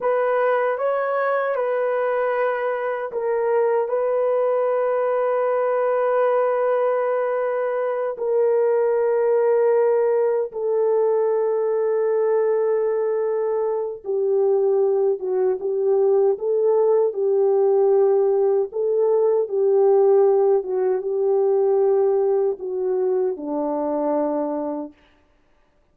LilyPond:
\new Staff \with { instrumentName = "horn" } { \time 4/4 \tempo 4 = 77 b'4 cis''4 b'2 | ais'4 b'2.~ | b'2~ b'8 ais'4.~ | ais'4. a'2~ a'8~ |
a'2 g'4. fis'8 | g'4 a'4 g'2 | a'4 g'4. fis'8 g'4~ | g'4 fis'4 d'2 | }